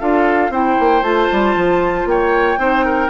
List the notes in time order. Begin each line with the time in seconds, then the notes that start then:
0.00 D4 F4 A4 F5
0.50 C4 E4 C5 G5
0.80 A#3
1.02 A3 F4 A5
1.32 G3
1.56 F3
2.05 A#3 C#5 G5
2.58 C4 D#4 C5
2.85 A#4